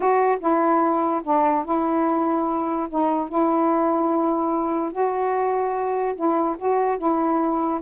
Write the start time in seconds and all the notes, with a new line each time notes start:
0.00 F#4
0.40 E4
1.23 D4
1.65 E4
2.89 D#4
3.28 E4
4.92 F#4
6.15 E4
6.58 F#4
6.98 E4